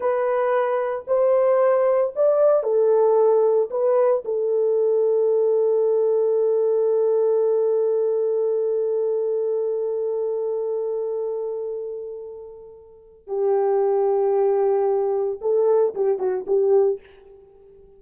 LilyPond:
\new Staff \with { instrumentName = "horn" } { \time 4/4 \tempo 4 = 113 b'2 c''2 | d''4 a'2 b'4 | a'1~ | a'1~ |
a'1~ | a'1~ | a'4 g'2.~ | g'4 a'4 g'8 fis'8 g'4 | }